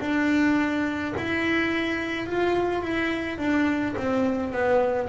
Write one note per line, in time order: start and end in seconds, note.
0.00 1.13 D4
1.16 2.26 E4
2.26 2.83 F4
2.83 3.38 E4
3.38 3.95 D4
3.97 4.52 C4
4.52 5.08 B3